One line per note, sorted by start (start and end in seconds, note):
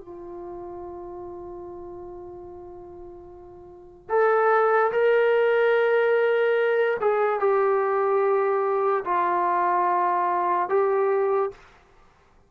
0.00 4.09 F4
4.09 4.92 A4
4.92 6.98 A#4
7.01 7.40 G#4
7.40 9.04 G4
9.05 10.69 F4
10.69 11.51 G4